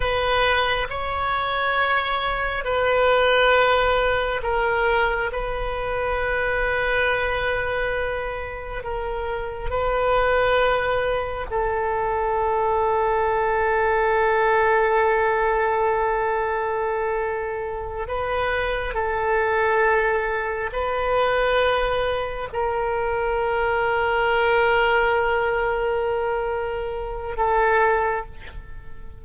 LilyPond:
\new Staff \with { instrumentName = "oboe" } { \time 4/4 \tempo 4 = 68 b'4 cis''2 b'4~ | b'4 ais'4 b'2~ | b'2 ais'4 b'4~ | b'4 a'2.~ |
a'1~ | a'8 b'4 a'2 b'8~ | b'4. ais'2~ ais'8~ | ais'2. a'4 | }